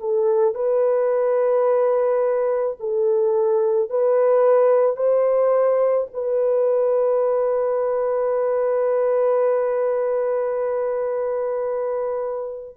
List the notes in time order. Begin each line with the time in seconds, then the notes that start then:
0.00 A4
0.55 B4
2.80 A4
3.90 B4
4.96 C5
6.14 B4